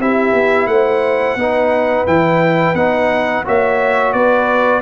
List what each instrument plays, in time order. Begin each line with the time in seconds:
0.00 tuba C4, trombone E4, horn G4, trumpet E5
0.32 tuba B3
0.67 tuba A3, horn C5, trumpet F#5
1.36 tuba B3, trombone D#4, horn B4
2.06 tuba E3, trombone E4, trumpet G5
2.74 tuba B3, trombone D#4, trumpet F#5
3.45 tuba A#3, trombone F#4, horn C#5, trumpet E5
4.13 tuba B3, horn B4, trumpet D5